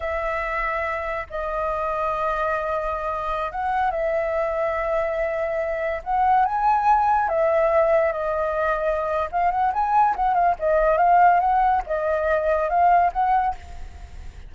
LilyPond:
\new Staff \with { instrumentName = "flute" } { \time 4/4 \tempo 4 = 142 e''2. dis''4~ | dis''1~ | dis''16 fis''4 e''2~ e''8.~ | e''2~ e''16 fis''4 gis''8.~ |
gis''4~ gis''16 e''2 dis''8.~ | dis''2 f''8 fis''8 gis''4 | fis''8 f''8 dis''4 f''4 fis''4 | dis''2 f''4 fis''4 | }